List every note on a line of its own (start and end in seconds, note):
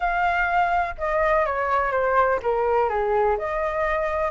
0.00 0.95 F5
0.97 1.45 D#5
1.46 1.91 C#5
1.91 2.39 C5
2.42 2.89 A#4
2.89 3.37 G#4
3.38 4.31 D#5